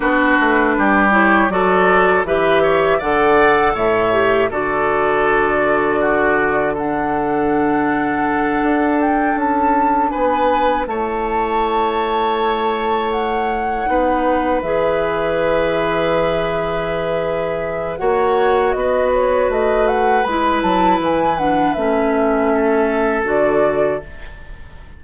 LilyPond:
<<
  \new Staff \with { instrumentName = "flute" } { \time 4/4 \tempo 4 = 80 b'4. cis''8 d''4 e''4 | fis''4 e''4 d''2~ | d''4 fis''2. | g''8 a''4 gis''4 a''4.~ |
a''4. fis''2 e''8~ | e''1 | fis''4 dis''8 cis''8 dis''8 fis''8 b''8 a''8 | gis''8 fis''8 e''2 d''4 | }
  \new Staff \with { instrumentName = "oboe" } { \time 4/4 fis'4 g'4 a'4 b'8 cis''8 | d''4 cis''4 a'2 | fis'4 a'2.~ | a'4. b'4 cis''4.~ |
cis''2~ cis''8 b'4.~ | b'1 | cis''4 b'2.~ | b'2 a'2 | }
  \new Staff \with { instrumentName = "clarinet" } { \time 4/4 d'4. e'8 fis'4 g'4 | a'4. g'8 fis'2~ | fis'4 d'2.~ | d'2~ d'8 e'4.~ |
e'2~ e'8 dis'4 gis'8~ | gis'1 | fis'2. e'4~ | e'8 d'8 cis'2 fis'4 | }
  \new Staff \with { instrumentName = "bassoon" } { \time 4/4 b8 a8 g4 fis4 e4 | d4 a,4 d2~ | d2.~ d8 d'8~ | d'8 cis'4 b4 a4.~ |
a2~ a8 b4 e8~ | e1 | ais4 b4 a4 gis8 fis8 | e4 a2 d4 | }
>>